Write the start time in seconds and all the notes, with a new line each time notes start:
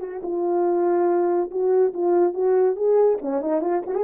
0.00 F#4
0.23 F4
1.51 F#4
1.94 F4
2.33 F#4
2.76 G#4
3.21 C#4
3.41 D#4
3.61 F4
3.86 F#4
3.95 G#4